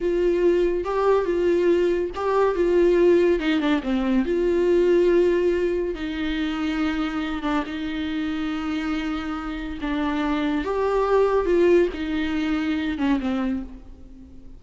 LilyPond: \new Staff \with { instrumentName = "viola" } { \time 4/4 \tempo 4 = 141 f'2 g'4 f'4~ | f'4 g'4 f'2 | dis'8 d'8 c'4 f'2~ | f'2 dis'2~ |
dis'4. d'8 dis'2~ | dis'2. d'4~ | d'4 g'2 f'4 | dis'2~ dis'8 cis'8 c'4 | }